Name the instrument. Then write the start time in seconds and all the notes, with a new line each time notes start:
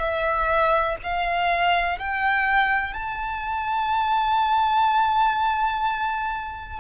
violin
0.00 E5
1.03 F5
1.99 G5
2.94 A5